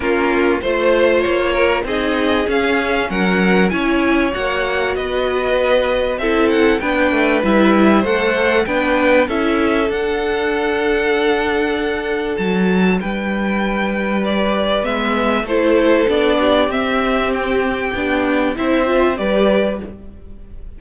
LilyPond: <<
  \new Staff \with { instrumentName = "violin" } { \time 4/4 \tempo 4 = 97 ais'4 c''4 cis''4 dis''4 | f''4 fis''4 gis''4 fis''4 | dis''2 e''8 fis''8 g''4 | e''4 fis''4 g''4 e''4 |
fis''1 | a''4 g''2 d''4 | e''4 c''4 d''4 e''4 | g''2 e''4 d''4 | }
  \new Staff \with { instrumentName = "violin" } { \time 4/4 f'4 c''4. ais'8 gis'4~ | gis'4 ais'4 cis''2 | b'2 a'4 b'4~ | b'4 c''4 b'4 a'4~ |
a'1~ | a'4 b'2.~ | b'4 a'4. g'4.~ | g'2 c''4 b'4 | }
  \new Staff \with { instrumentName = "viola" } { \time 4/4 cis'4 f'2 dis'4 | cis'2 e'4 fis'4~ | fis'2 e'4 d'4 | e'4 a'4 d'4 e'4 |
d'1~ | d'1 | b4 e'4 d'4 c'4~ | c'4 d'4 e'8 f'8 g'4 | }
  \new Staff \with { instrumentName = "cello" } { \time 4/4 ais4 a4 ais4 c'4 | cis'4 fis4 cis'4 ais4 | b2 c'4 b8 a8 | g4 a4 b4 cis'4 |
d'1 | fis4 g2. | gis4 a4 b4 c'4~ | c'4 b4 c'4 g4 | }
>>